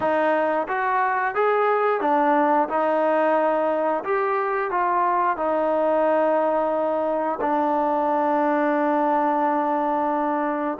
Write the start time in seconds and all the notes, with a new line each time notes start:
0.00 D#4
0.67 F#4
1.35 G#4
2.00 D4
2.68 D#4
4.04 G4
4.70 F4
5.37 D#4
7.40 D4